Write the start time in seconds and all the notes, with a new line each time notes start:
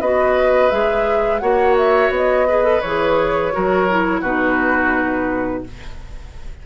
0.00 B3 F#4 B4 D#5
0.70 G#3 G#4 E5
1.39 A#3 F#4 C#5 F#5
1.77 E5
2.09 B3
2.16 D#5
2.47 G#4 B4
2.63 A4
2.81 E3 G#4 C#5
3.52 F#3 F#4 A#4
3.90 E4
4.20 B2 D#4 F#4 B4